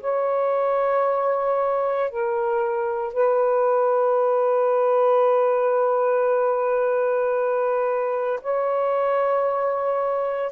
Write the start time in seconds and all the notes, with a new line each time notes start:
0.00 C#5
2.10 A#4
3.13 B4
8.41 C#5